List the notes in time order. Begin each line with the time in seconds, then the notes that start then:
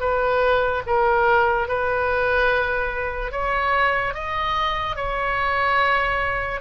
0.00 B4
0.86 A#4
1.68 B4
3.32 C#5
4.14 D#5
4.96 C#5